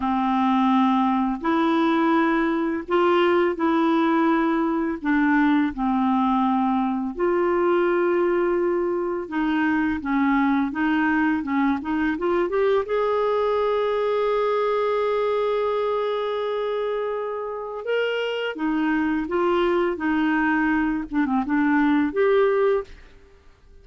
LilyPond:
\new Staff \with { instrumentName = "clarinet" } { \time 4/4 \tempo 4 = 84 c'2 e'2 | f'4 e'2 d'4 | c'2 f'2~ | f'4 dis'4 cis'4 dis'4 |
cis'8 dis'8 f'8 g'8 gis'2~ | gis'1~ | gis'4 ais'4 dis'4 f'4 | dis'4. d'16 c'16 d'4 g'4 | }